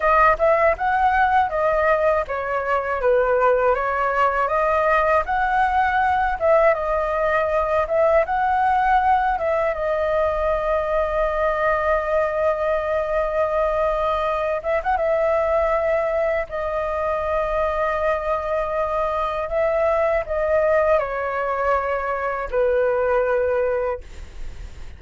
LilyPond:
\new Staff \with { instrumentName = "flute" } { \time 4/4 \tempo 4 = 80 dis''8 e''8 fis''4 dis''4 cis''4 | b'4 cis''4 dis''4 fis''4~ | fis''8 e''8 dis''4. e''8 fis''4~ | fis''8 e''8 dis''2.~ |
dis''2.~ dis''8 e''16 fis''16 | e''2 dis''2~ | dis''2 e''4 dis''4 | cis''2 b'2 | }